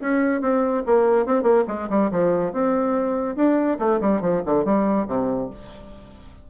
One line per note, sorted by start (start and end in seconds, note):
0.00 0.41 C#4
0.41 0.83 C4
0.86 1.25 A#3
1.25 1.42 C4
1.42 1.63 A#3
1.67 1.89 G#3
1.89 2.10 G3
2.11 2.52 F3
2.52 3.36 C4
3.36 3.78 D4
3.79 4.00 A3
4.00 4.21 G3
4.21 4.42 F3
4.45 4.64 D3
4.64 5.06 G3
5.07 5.49 C3